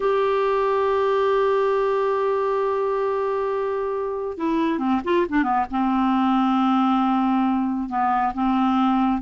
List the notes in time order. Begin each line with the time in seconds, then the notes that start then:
0.00 G4
4.37 E4
4.79 C4
5.04 F4
5.29 D4
5.43 B3
5.70 C4
7.89 B3
8.34 C4